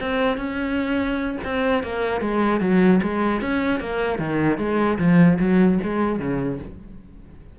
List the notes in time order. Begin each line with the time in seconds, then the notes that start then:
0.00 C4
0.37 C#4
1.44 C4
1.83 A#3
2.20 G#3
2.60 F#3
3.02 G#3
3.41 C#4
3.80 A#3
4.19 D#3
4.58 G#3
4.98 F3
5.39 F#3
5.83 G#3
6.19 C#3